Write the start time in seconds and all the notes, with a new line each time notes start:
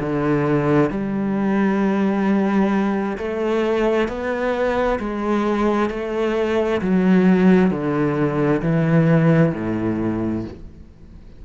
0.00 D3
0.90 G3
3.18 A3
4.08 B3
5.00 G#3
5.90 A3
6.81 F#3
7.71 D3
8.62 E3
9.54 A2